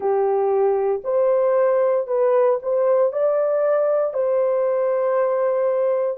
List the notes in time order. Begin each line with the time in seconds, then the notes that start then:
0.00 G4
1.03 C5
2.07 B4
2.62 C5
3.12 D5
4.13 C5